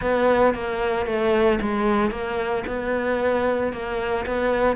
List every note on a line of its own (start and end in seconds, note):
0.01 0.54 B3
0.54 1.06 A#3
1.06 1.59 A3
1.61 2.10 G#3
2.10 2.64 A#3
2.66 3.72 B3
3.72 4.25 A#3
4.26 4.76 B3